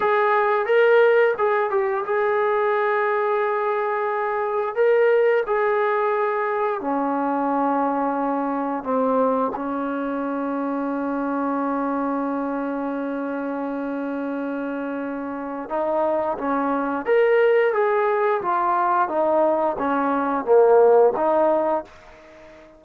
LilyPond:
\new Staff \with { instrumentName = "trombone" } { \time 4/4 \tempo 4 = 88 gis'4 ais'4 gis'8 g'8 gis'4~ | gis'2. ais'4 | gis'2 cis'2~ | cis'4 c'4 cis'2~ |
cis'1~ | cis'2. dis'4 | cis'4 ais'4 gis'4 f'4 | dis'4 cis'4 ais4 dis'4 | }